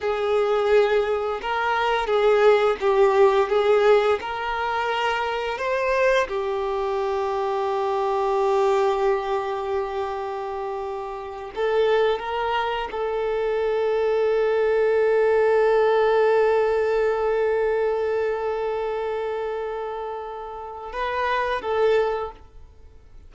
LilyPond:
\new Staff \with { instrumentName = "violin" } { \time 4/4 \tempo 4 = 86 gis'2 ais'4 gis'4 | g'4 gis'4 ais'2 | c''4 g'2.~ | g'1~ |
g'8 a'4 ais'4 a'4.~ | a'1~ | a'1~ | a'2 b'4 a'4 | }